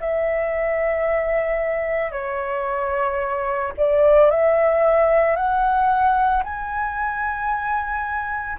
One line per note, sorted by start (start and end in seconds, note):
0.00 2.11 E5
2.11 3.72 C#5
3.77 4.30 D5
4.30 5.36 E5
5.36 6.43 F#5
6.43 8.58 G#5